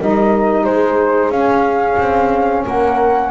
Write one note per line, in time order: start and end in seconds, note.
0.00 0.67 G3
0.00 1.33 D#4
0.00 0.64 A#4
0.00 0.65 D#5
0.64 1.30 G#3
0.64 2.64 G#4
0.64 1.31 C5
1.30 1.96 C#4
1.30 3.31 C#4
1.30 2.64 F5
1.98 2.65 C4
2.64 3.31 A#3
2.64 3.31 A#4
2.64 3.31 F#5